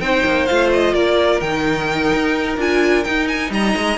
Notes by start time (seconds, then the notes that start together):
0.00 C4 D#4 C5 G5
0.25 A#3
0.46 A3 F4 F5
0.72 D#5
0.93 A#3 A#4 D5
1.40 D#3 D#4 G5
2.13 D#4
2.57 D4 F4 G#5
3.04 D#4 G5
3.28 G#5
3.50 G3 D#5 A#5
3.76 G#3